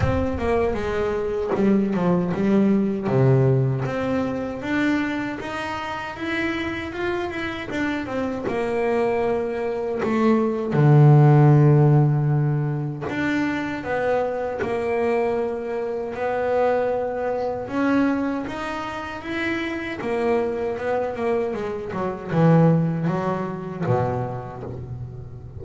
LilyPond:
\new Staff \with { instrumentName = "double bass" } { \time 4/4 \tempo 4 = 78 c'8 ais8 gis4 g8 f8 g4 | c4 c'4 d'4 dis'4 | e'4 f'8 e'8 d'8 c'8 ais4~ | ais4 a4 d2~ |
d4 d'4 b4 ais4~ | ais4 b2 cis'4 | dis'4 e'4 ais4 b8 ais8 | gis8 fis8 e4 fis4 b,4 | }